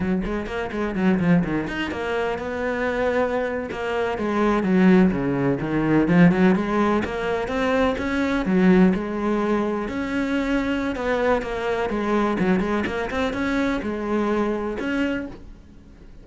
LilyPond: \new Staff \with { instrumentName = "cello" } { \time 4/4 \tempo 4 = 126 fis8 gis8 ais8 gis8 fis8 f8 dis8 dis'8 | ais4 b2~ b8. ais16~ | ais8. gis4 fis4 cis4 dis16~ | dis8. f8 fis8 gis4 ais4 c'16~ |
c'8. cis'4 fis4 gis4~ gis16~ | gis8. cis'2~ cis'16 b4 | ais4 gis4 fis8 gis8 ais8 c'8 | cis'4 gis2 cis'4 | }